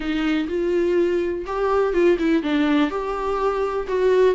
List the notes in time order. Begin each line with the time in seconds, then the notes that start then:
0.00 D#4
0.48 F4
1.46 G4
1.93 F4
2.18 E4
2.42 D4
2.90 G4
3.87 F#4